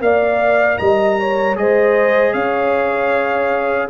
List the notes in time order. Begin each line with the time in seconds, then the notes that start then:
0.00 A#3 A#4 D5 F5
0.78 G3 D#5 A#5
1.19 C#5
1.55 G#3 G#4 C5 D#5
2.33 C#4 C#5 F5